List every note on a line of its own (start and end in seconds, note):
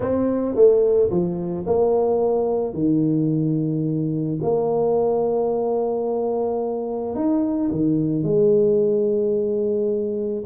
0.00 0.55 C4
0.55 1.10 A3
1.10 1.65 F3
1.66 2.73 A#3
2.73 4.39 D#3
4.42 7.15 A#3
7.15 7.70 D#4
7.71 8.23 D#3
8.23 10.43 G#3